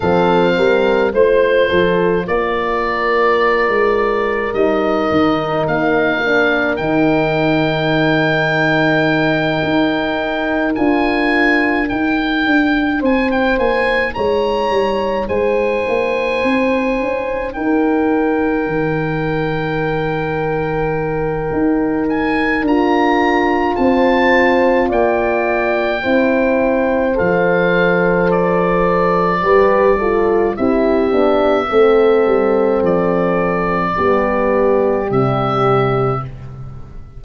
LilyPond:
<<
  \new Staff \with { instrumentName = "oboe" } { \time 4/4 \tempo 4 = 53 f''4 c''4 d''2 | dis''4 f''4 g''2~ | g''4. gis''4 g''4 gis''16 g''16 | gis''8 ais''4 gis''2 g''8~ |
g''2.~ g''8 gis''8 | ais''4 a''4 g''2 | f''4 d''2 e''4~ | e''4 d''2 e''4 | }
  \new Staff \with { instrumentName = "horn" } { \time 4/4 a'8 ais'8 c''8 a'8 ais'2~ | ais'1~ | ais'2.~ ais'8 c''8~ | c''8 cis''4 c''2 ais'8~ |
ais'1~ | ais'4 c''4 d''4 c''4~ | c''2 b'8 a'8 g'4 | a'2 g'2 | }
  \new Staff \with { instrumentName = "horn" } { \time 4/4 c'4 f'2. | dis'4. d'8 dis'2~ | dis'4. f'4 dis'4.~ | dis'1~ |
dis'1 | f'2. e'4 | a'2 g'8 f'8 e'8 d'8 | c'2 b4 g4 | }
  \new Staff \with { instrumentName = "tuba" } { \time 4/4 f8 g8 a8 f8 ais4~ ais16 gis8. | g8 dis8 ais4 dis2~ | dis8 dis'4 d'4 dis'8 d'8 c'8 | ais8 gis8 g8 gis8 ais8 c'8 cis'8 dis'8~ |
dis'8 dis2~ dis8 dis'4 | d'4 c'4 ais4 c'4 | f2 g4 c'8 b8 | a8 g8 f4 g4 c4 | }
>>